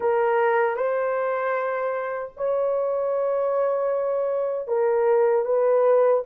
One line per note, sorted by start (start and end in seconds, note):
0.00 0.76 A#4
0.76 2.32 C5
2.36 4.67 C#5
4.67 5.45 A#4
5.45 6.23 B4